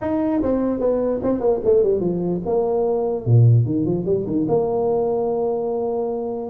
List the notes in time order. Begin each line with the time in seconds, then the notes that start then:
0.01 D#4
0.42 C4
0.80 B3
1.23 C4
1.40 A#3
1.64 A3
1.83 G3
2.00 F3
2.45 A#3
3.25 A#2
3.65 D#3
3.85 F3
4.05 G3
4.26 D#3
4.48 A#3